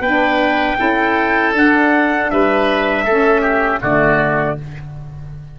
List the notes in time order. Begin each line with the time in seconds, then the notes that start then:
0.00 B3 D4 B4 G5
0.78 C#4 E4 A4
1.53 D4 F#5
2.31 G3 B4 E5
3.03 A3 C#4 A4
3.41 G4
3.81 D3 A3 F#4 D5